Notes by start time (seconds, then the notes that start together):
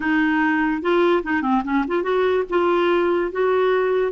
0.00 D#4
0.81 F4
1.23 D#4
1.42 C4
1.64 C#4
1.87 F4
2.02 F#4
2.49 F4
3.31 F#4